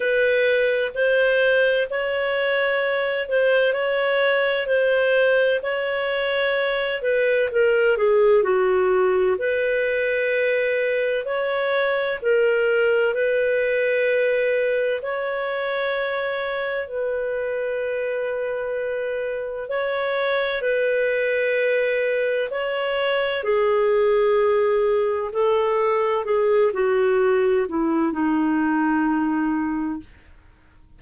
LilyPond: \new Staff \with { instrumentName = "clarinet" } { \time 4/4 \tempo 4 = 64 b'4 c''4 cis''4. c''8 | cis''4 c''4 cis''4. b'8 | ais'8 gis'8 fis'4 b'2 | cis''4 ais'4 b'2 |
cis''2 b'2~ | b'4 cis''4 b'2 | cis''4 gis'2 a'4 | gis'8 fis'4 e'8 dis'2 | }